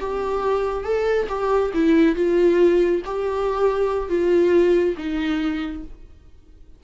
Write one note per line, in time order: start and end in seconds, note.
0.00 0.84 G4
0.84 1.27 A4
1.29 1.72 G4
1.74 2.16 E4
2.16 3.02 F4
3.05 4.09 G4
4.09 4.95 F4
4.97 5.84 D#4